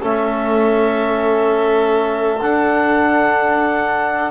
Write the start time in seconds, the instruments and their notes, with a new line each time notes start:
0.00 double bass A3, trombone C#4, violin A4, clarinet E5
2.41 double bass D4, trombone D4, clarinet F#5